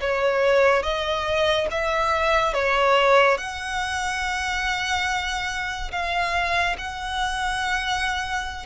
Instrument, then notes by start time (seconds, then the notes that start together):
violin
0.00 C#5
0.83 D#5
1.71 E5
2.54 C#5
3.37 F#5
5.91 F5
6.78 F#5